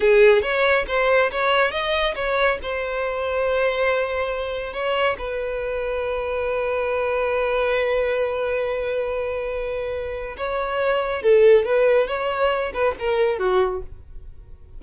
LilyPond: \new Staff \with { instrumentName = "violin" } { \time 4/4 \tempo 4 = 139 gis'4 cis''4 c''4 cis''4 | dis''4 cis''4 c''2~ | c''2. cis''4 | b'1~ |
b'1~ | b'1 | cis''2 a'4 b'4 | cis''4. b'8 ais'4 fis'4 | }